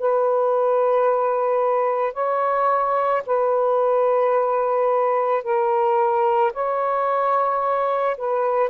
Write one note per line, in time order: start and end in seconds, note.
0.00 2.14 B4
2.14 3.23 C#5
3.27 5.43 B4
5.43 6.53 A#4
6.54 8.17 C#5
8.18 8.70 B4